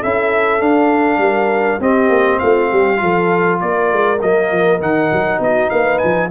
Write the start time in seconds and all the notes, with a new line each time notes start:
0.00 C#4 E4 A4 E5
0.60 D4 F5
1.18 G3 A#4
1.80 C4 G4 D#5
2.09 A#3
2.39 A3 F4 F5
2.70 G3 G4
2.97 F3 F4 A4
3.61 A#3 A#4 D5
3.92 G#3
4.21 F#3 A#3 D#5
4.52 F3
4.80 D#3 D#4 F#5
5.12 F#3
5.40 B3 F#4 D#5
5.70 A#3 B4 F5
5.98 F3 G#5